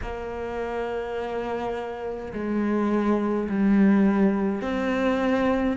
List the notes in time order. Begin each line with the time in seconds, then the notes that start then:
0.02 A#3
2.33 G#3
3.49 G3
4.62 C4